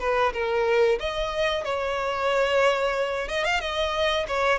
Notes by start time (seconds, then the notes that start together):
0.00 B4
0.33 A#4
1.00 D#5
1.65 C#5
3.28 D#5
3.45 F5
3.61 D#5
4.28 C#5